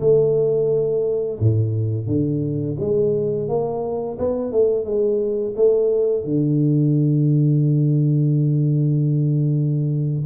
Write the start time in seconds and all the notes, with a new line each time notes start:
0.00 A3
1.40 A2
2.07 D3
2.80 G#3
3.49 A#3
4.19 B3
4.52 A3
4.85 G#3
5.56 A3
6.25 D3